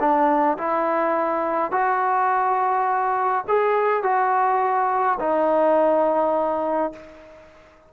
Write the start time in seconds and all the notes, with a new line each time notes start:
0.00 D4
0.58 E4
1.72 F#4
3.48 G#4
4.03 F#4
5.20 D#4